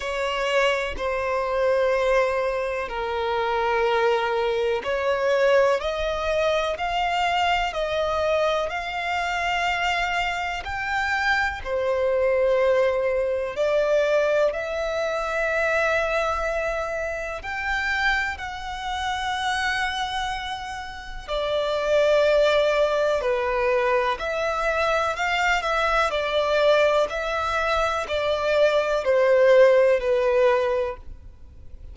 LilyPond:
\new Staff \with { instrumentName = "violin" } { \time 4/4 \tempo 4 = 62 cis''4 c''2 ais'4~ | ais'4 cis''4 dis''4 f''4 | dis''4 f''2 g''4 | c''2 d''4 e''4~ |
e''2 g''4 fis''4~ | fis''2 d''2 | b'4 e''4 f''8 e''8 d''4 | e''4 d''4 c''4 b'4 | }